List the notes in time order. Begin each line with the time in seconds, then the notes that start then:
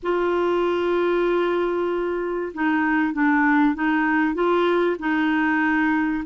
0.02 F4
2.53 D#4
3.13 D4
3.74 D#4
4.34 F4
4.99 D#4